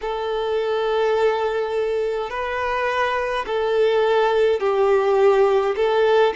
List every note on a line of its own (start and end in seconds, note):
0.01 2.30 A4
2.30 3.45 B4
3.46 4.59 A4
4.59 5.75 G4
5.75 6.33 A4